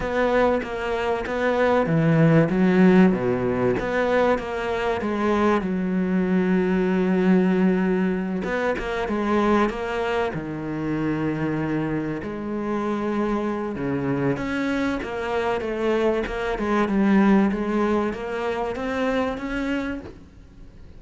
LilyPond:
\new Staff \with { instrumentName = "cello" } { \time 4/4 \tempo 4 = 96 b4 ais4 b4 e4 | fis4 b,4 b4 ais4 | gis4 fis2.~ | fis4. b8 ais8 gis4 ais8~ |
ais8 dis2. gis8~ | gis2 cis4 cis'4 | ais4 a4 ais8 gis8 g4 | gis4 ais4 c'4 cis'4 | }